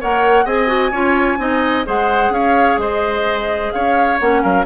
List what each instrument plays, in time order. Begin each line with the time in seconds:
0.00 bassoon A#3, clarinet A#4, oboe C#5, flute F#5
0.44 bassoon C4, clarinet G#4, oboe D#5, flute G#5
0.67 clarinet F#4
0.91 bassoon C#4, clarinet F4, oboe C#5
1.38 bassoon C4, clarinet D#4, oboe D#5
1.85 bassoon G#3, clarinet G#4, oboe C5, flute F#5
2.29 bassoon C#4, oboe C#5, flute F5
2.77 bassoon G#3, oboe C5, flute D#5
3.72 bassoon C#4, oboe C#5, flute F5
4.19 bassoon A#3, clarinet C#4, flute F#5
4.42 bassoon F#3, oboe A#4, flute F5